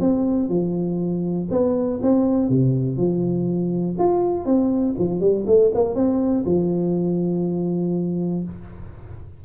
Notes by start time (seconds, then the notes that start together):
0.00 C4
0.49 F3
1.50 B3
2.02 C4
2.49 C3
2.97 F3
3.98 F4
4.45 C4
4.98 F3
5.20 G3
5.46 A3
5.74 A#3
5.95 C4
6.45 F3